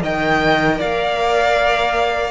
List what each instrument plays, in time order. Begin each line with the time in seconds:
0.00 cello D#3, viola A#4, violin D#5 G5
0.78 cello A#3, violin D5 F5